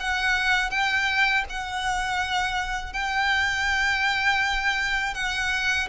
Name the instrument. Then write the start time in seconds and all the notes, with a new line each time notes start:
violin
0.00 F#5
0.70 G5
1.49 F#5
2.93 G5
5.14 F#5